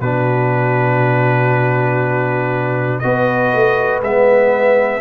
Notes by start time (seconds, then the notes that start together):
0.00 B2 D4 F#4 B4
2.99 B3 F#4 B4 D#5
3.53 A3
4.01 G#3 B3 E5